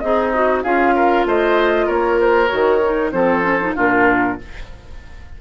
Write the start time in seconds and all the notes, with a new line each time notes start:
0.00 C4 D#4 G#4 D#5
0.34 F#4
0.63 C#4 F4 G#4 F5
0.96 A#4
1.26 A3 C5 D#5
1.87 A#3 A#4 C#5
2.21 C5
2.48 D#3 F#4 C#5
2.84 D#4
3.12 F3 C4 A4 C5
3.43 C#4
3.61 D#4
3.76 A#2 D4 F4 A#4